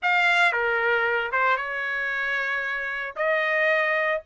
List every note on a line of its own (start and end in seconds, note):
0.02 0.52 F5
0.52 1.31 A#4
1.32 1.56 C5
1.56 3.14 C#5
3.16 4.21 D#5